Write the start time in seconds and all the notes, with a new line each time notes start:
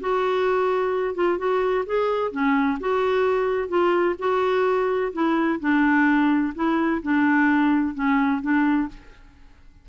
0.00 F#4
1.14 F4
1.38 F#4
1.86 G#4
2.31 C#4
2.80 F#4
3.68 F4
4.18 F#4
5.12 E4
5.60 D4
6.55 E4
7.02 D4
7.94 C#4
8.41 D4